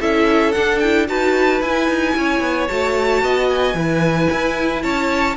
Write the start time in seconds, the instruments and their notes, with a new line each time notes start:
0.00 cello C#4, viola E4, violin A4 E5
0.52 viola D4, cello D4, violin F#5
0.79 viola E4, violin G5
1.07 cello D#4, viola F#4, violin B4 A5
1.61 cello E4, viola E4, violin G#5
1.88 cello D#4
2.16 cello C#4, violin C#5
2.40 cello B3
2.67 cello A3, viola F#4, violin A5
3.22 cello B3, violin D#5
3.49 violin G#5
3.73 cello E3, viola E4, violin B4
4.32 cello E4
4.82 cello C#4, violin C#5 A5